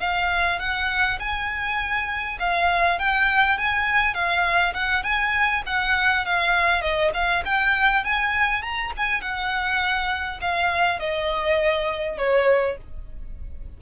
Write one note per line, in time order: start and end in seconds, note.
0.00 0.59 F5
0.60 1.19 F#5
1.20 2.38 G#5
2.40 2.99 F5
2.99 3.58 G5
3.58 4.14 G#5
4.14 4.74 F5
4.74 5.03 F#5
5.03 5.63 G#5
5.66 6.26 F#5
6.26 6.82 F5
6.82 7.11 D#5
7.14 7.44 F5
7.45 8.04 G5
8.04 8.62 G#5
8.62 8.92 A#5
8.97 9.21 G#5
9.21 10.40 F#5
10.41 11.00 F5
11.00 12.18 D#5
12.18 12.77 C#5